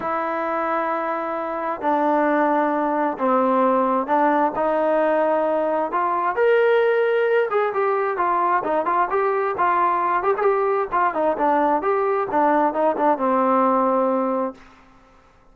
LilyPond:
\new Staff \with { instrumentName = "trombone" } { \time 4/4 \tempo 4 = 132 e'1 | d'2. c'4~ | c'4 d'4 dis'2~ | dis'4 f'4 ais'2~ |
ais'8 gis'8 g'4 f'4 dis'8 f'8 | g'4 f'4. g'16 gis'16 g'4 | f'8 dis'8 d'4 g'4 d'4 | dis'8 d'8 c'2. | }